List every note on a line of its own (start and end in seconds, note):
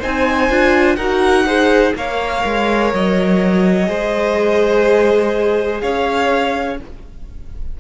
0.00 0.50 C4
0.00 0.51 D#4
0.00 0.97 C5
0.00 0.97 G#5
0.50 0.97 D4
0.50 0.99 F4
0.97 1.94 D#4
0.97 1.47 F#4
0.97 1.46 A#4
0.97 1.93 F#5
1.47 1.96 G#4
1.47 1.95 C5
1.96 2.44 A#3
1.96 3.86 A#4
1.96 3.89 C#5
1.96 2.94 F5
2.45 2.94 G#3
2.94 3.89 F#3
2.94 5.81 D#5
3.86 5.82 G#3
3.86 6.76 G#4
3.86 5.82 C5
5.81 6.80 C#4
5.81 6.80 C#5
5.81 6.78 F5